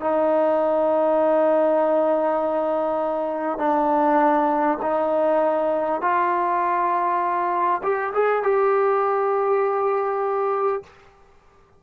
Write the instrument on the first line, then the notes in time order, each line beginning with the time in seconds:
trombone
0.00 D#4
3.58 D4
4.81 D#4
6.01 F4
7.83 G4
8.14 G#4
8.43 G4